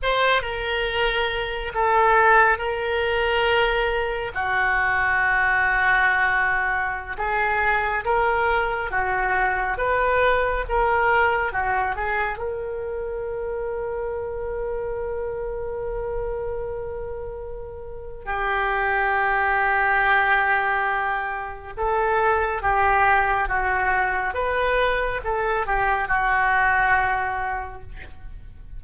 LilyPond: \new Staff \with { instrumentName = "oboe" } { \time 4/4 \tempo 4 = 69 c''8 ais'4. a'4 ais'4~ | ais'4 fis'2.~ | fis'16 gis'4 ais'4 fis'4 b'8.~ | b'16 ais'4 fis'8 gis'8 ais'4.~ ais'16~ |
ais'1~ | ais'4 g'2.~ | g'4 a'4 g'4 fis'4 | b'4 a'8 g'8 fis'2 | }